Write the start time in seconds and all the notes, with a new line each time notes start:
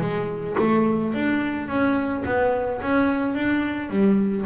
0.00 G#3
0.58 A3
1.14 D4
1.67 C#4
2.25 B3
2.82 C#4
3.34 D4
3.89 G3